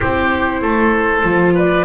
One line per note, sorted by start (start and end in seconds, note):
0.00 0.61 C4
0.00 1.24 E4
0.00 0.61 G4
0.00 1.54 C5
0.61 1.23 A3
0.61 1.54 A4
1.23 1.84 F3
1.23 1.84 F4
1.54 1.84 B4
1.54 1.84 D5